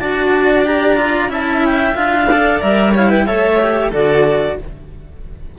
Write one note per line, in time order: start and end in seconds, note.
0.00 1.29 D4
0.00 0.65 F#4
0.00 1.31 D5
0.00 0.65 A5
0.65 0.97 G4
0.65 1.32 A#5
0.97 1.29 F4
1.29 1.95 C#4
1.29 1.94 E4
1.29 2.30 E5
1.29 1.66 A5
1.66 1.96 G5
1.95 2.62 D4
1.95 2.28 F4
1.95 2.61 F5
2.30 2.61 A4
2.30 2.93 D5
2.61 3.28 G3
2.61 2.94 A#4
2.61 2.94 E5
2.93 3.27 E4
2.93 3.09 C#5
2.93 3.11 F5
3.09 3.26 B4
3.09 3.27 G5
3.27 3.92 A3
3.27 3.59 A4
3.27 3.90 C#5
3.27 3.92 E5
3.60 3.92 G4
3.90 4.58 D3
3.90 4.58 F#4
3.90 4.55 A4
3.90 4.59 D5